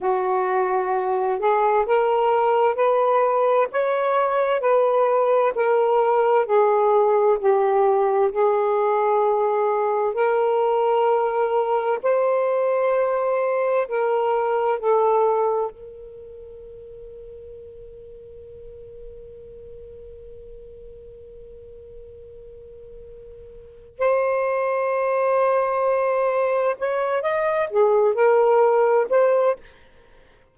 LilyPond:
\new Staff \with { instrumentName = "saxophone" } { \time 4/4 \tempo 4 = 65 fis'4. gis'8 ais'4 b'4 | cis''4 b'4 ais'4 gis'4 | g'4 gis'2 ais'4~ | ais'4 c''2 ais'4 |
a'4 ais'2.~ | ais'1~ | ais'2 c''2~ | c''4 cis''8 dis''8 gis'8 ais'4 c''8 | }